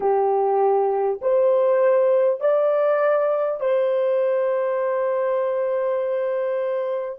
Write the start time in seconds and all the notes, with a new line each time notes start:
0.00 G4
1.21 C5
2.40 D5
3.60 C5